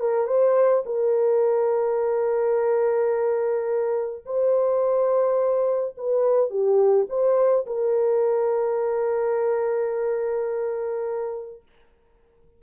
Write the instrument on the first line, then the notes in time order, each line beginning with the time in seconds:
horn
0.00 A#4
0.27 C5
0.86 A#4
4.26 C5
5.97 B4
6.50 G4
7.09 C5
7.66 A#4